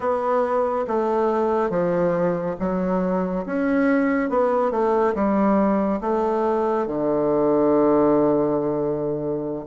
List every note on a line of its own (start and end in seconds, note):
0.00 0.85 B3
0.87 1.69 A3
1.69 2.55 F3
2.59 3.45 F#3
3.46 4.29 C#4
4.29 4.71 B3
4.71 5.14 A3
5.14 6.00 G3
6.00 6.86 A3
6.86 9.65 D3